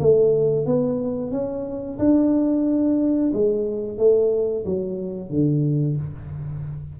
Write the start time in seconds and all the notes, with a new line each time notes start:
0.00 A3
0.66 B3
1.32 C#4
1.98 D4
3.33 G#3
3.98 A3
4.65 F#3
5.30 D3